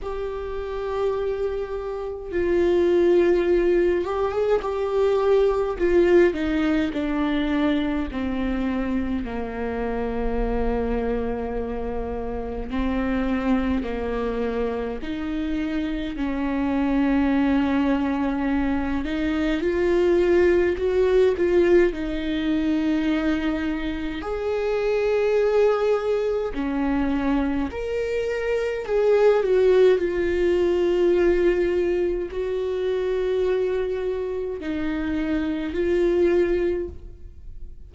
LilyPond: \new Staff \with { instrumentName = "viola" } { \time 4/4 \tempo 4 = 52 g'2 f'4. g'16 gis'16 | g'4 f'8 dis'8 d'4 c'4 | ais2. c'4 | ais4 dis'4 cis'2~ |
cis'8 dis'8 f'4 fis'8 f'8 dis'4~ | dis'4 gis'2 cis'4 | ais'4 gis'8 fis'8 f'2 | fis'2 dis'4 f'4 | }